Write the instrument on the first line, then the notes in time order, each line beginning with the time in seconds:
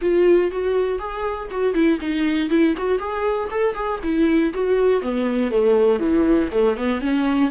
viola
0.01 F4
0.51 F#4
0.98 G#4
1.50 F#4
1.74 E4
2.00 D#4
2.49 E4
2.77 F#4
2.98 G#4
3.50 A4
3.75 G#4
4.02 E4
4.53 F#4
5.02 B3
5.50 A3
5.99 E3
6.52 A3
6.76 B3
7.01 C#4